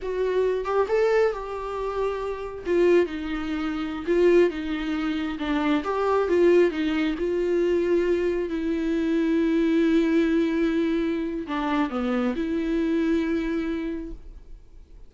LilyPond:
\new Staff \with { instrumentName = "viola" } { \time 4/4 \tempo 4 = 136 fis'4. g'8 a'4 g'4~ | g'2 f'4 dis'4~ | dis'4~ dis'16 f'4 dis'4.~ dis'16~ | dis'16 d'4 g'4 f'4 dis'8.~ |
dis'16 f'2. e'8.~ | e'1~ | e'2 d'4 b4 | e'1 | }